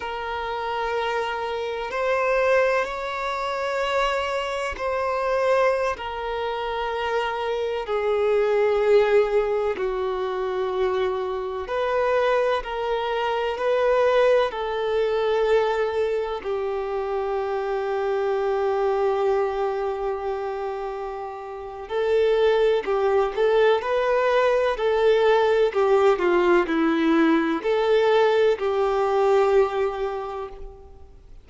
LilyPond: \new Staff \with { instrumentName = "violin" } { \time 4/4 \tempo 4 = 63 ais'2 c''4 cis''4~ | cis''4 c''4~ c''16 ais'4.~ ais'16~ | ais'16 gis'2 fis'4.~ fis'16~ | fis'16 b'4 ais'4 b'4 a'8.~ |
a'4~ a'16 g'2~ g'8.~ | g'2. a'4 | g'8 a'8 b'4 a'4 g'8 f'8 | e'4 a'4 g'2 | }